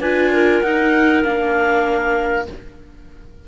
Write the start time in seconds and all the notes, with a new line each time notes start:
0.00 D4 F4 B4 G#5
0.33 A#4
0.61 D#4 F#5
1.23 A#3 D4 F5